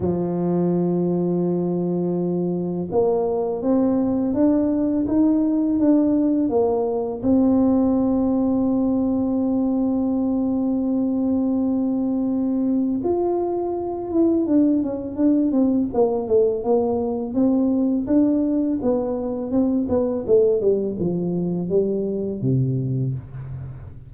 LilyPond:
\new Staff \with { instrumentName = "tuba" } { \time 4/4 \tempo 4 = 83 f1 | ais4 c'4 d'4 dis'4 | d'4 ais4 c'2~ | c'1~ |
c'2 f'4. e'8 | d'8 cis'8 d'8 c'8 ais8 a8 ais4 | c'4 d'4 b4 c'8 b8 | a8 g8 f4 g4 c4 | }